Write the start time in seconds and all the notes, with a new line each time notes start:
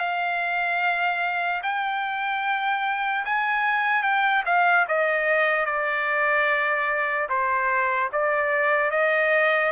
0.00 F5
1.63 G5
3.26 G#5
4.03 G5
4.46 F5
4.88 D#5
5.66 D5
7.30 C5
8.13 D5
8.92 D#5